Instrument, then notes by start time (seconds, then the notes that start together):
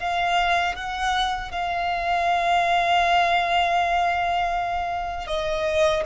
violin
0.00 F5
0.76 F#5
1.52 F5
5.27 D#5